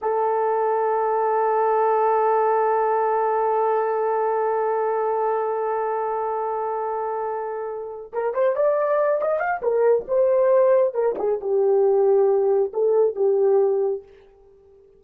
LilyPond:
\new Staff \with { instrumentName = "horn" } { \time 4/4 \tempo 4 = 137 a'1~ | a'1~ | a'1~ | a'1~ |
a'2~ a'8 ais'8 c''8 d''8~ | d''4 dis''8 f''8 ais'4 c''4~ | c''4 ais'8 gis'8 g'2~ | g'4 a'4 g'2 | }